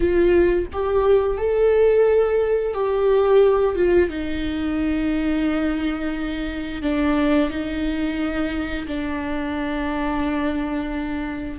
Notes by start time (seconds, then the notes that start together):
0.00 F4
0.73 G4
1.37 A4
2.74 G4
3.75 F4
4.09 D#4
6.82 D4
7.50 D#4
8.87 D4